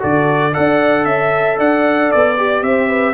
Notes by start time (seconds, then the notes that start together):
0.00 D3 F#4 A4 D5
0.54 D4 A4 D5 F#5
1.05 C#4 E5
1.59 D4 D5 F#5
2.12 B3 D5
2.38 G4
2.62 C4 C5 E5
2.89 B4